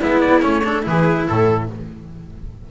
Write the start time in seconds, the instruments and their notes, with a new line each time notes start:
0.00 double bass G#3, cello B3, viola E4, trumpet E5
0.21 trumpet D5
0.42 double bass A3, cello C#4, trumpet C#5
0.64 cello D4, viola A4
0.83 double bass E3, cello E4, viola G#4, trumpet B4
1.27 double bass A2, viola A4, trumpet A4